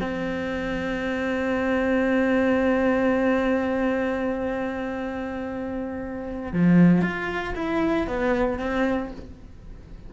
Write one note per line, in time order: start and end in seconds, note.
0.00 6.52 C4
6.52 7.01 F3
7.01 7.53 F4
7.55 8.07 E4
8.07 8.58 B3
8.58 9.11 C4